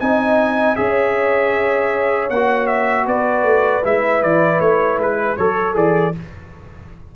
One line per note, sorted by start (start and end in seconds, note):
0.00 0.78 C4
0.00 0.77 D#4
0.00 0.79 D#5
0.00 0.76 G#5
0.76 2.30 C#4
0.76 2.31 G#4
0.76 3.07 C#5
0.76 2.30 E5
2.30 3.07 A#3
2.30 3.83 F#4
2.30 2.67 F#5
2.67 3.06 E5
3.07 3.43 B3
3.07 5.37 B4
3.07 3.85 D5
3.43 3.82 A3
3.83 4.23 G#3
3.83 5.37 E4
3.83 4.23 E5
4.23 4.60 E3
4.23 4.61 D5
4.60 4.98 A3
4.60 4.99 C#5
4.98 5.37 G#3
4.98 5.37 B4
5.37 5.76 F#3
5.37 6.16 A4
5.37 5.74 A4
5.37 5.75 C#5
5.74 6.14 E3
5.74 6.13 G#4
5.74 6.16 D5